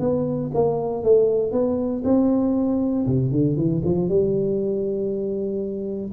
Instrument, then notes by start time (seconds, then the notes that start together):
tuba
0.00 B3
0.54 A#3
1.04 A3
1.52 B3
2.04 C4
3.07 C3
3.31 D3
3.57 E3
3.85 F3
4.09 G3